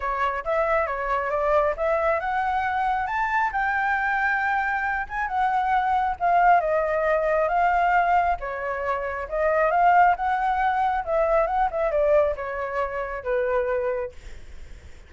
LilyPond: \new Staff \with { instrumentName = "flute" } { \time 4/4 \tempo 4 = 136 cis''4 e''4 cis''4 d''4 | e''4 fis''2 a''4 | g''2.~ g''8 gis''8 | fis''2 f''4 dis''4~ |
dis''4 f''2 cis''4~ | cis''4 dis''4 f''4 fis''4~ | fis''4 e''4 fis''8 e''8 d''4 | cis''2 b'2 | }